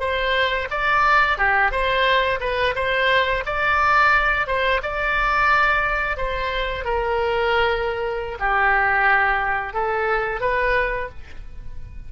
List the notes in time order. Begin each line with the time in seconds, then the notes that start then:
0.00 C5
0.71 D5
1.38 G4
1.71 C5
2.40 B4
2.76 C5
3.46 D5
4.47 C5
4.83 D5
6.17 C5
6.85 A#4
8.39 G4
9.73 A4
10.41 B4